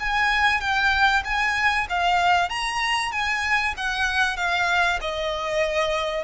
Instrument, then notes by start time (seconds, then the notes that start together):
violin
0.00 G#5
0.61 G5
1.25 G#5
1.90 F5
2.49 A#5
3.12 G#5
3.77 F#5
4.37 F5
5.01 D#5